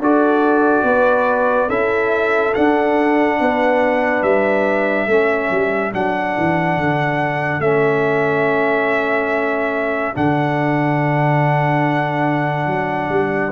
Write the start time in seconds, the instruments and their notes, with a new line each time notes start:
0.00 tuba D4, trombone F#4, horn A4, trumpet D5
0.84 tuba B3, horn B4
1.69 tuba C#4, trombone E4, horn A4, trumpet E5
2.55 trombone D4, tuba D4, trumpet F#5
3.40 tuba B3, horn B4
4.23 tuba G3, trumpet E5
5.07 tuba A3, trombone C#4, horn A4
5.51 tuba G3
5.93 tuba F#3, trombone D4, trumpet F#5
6.37 tuba E3
6.77 tuba D3
7.60 tuba A3, trombone C#4, trumpet E5
10.15 tuba D3, trombone D4, trumpet F#5
12.67 tuba F#3
13.10 tuba G3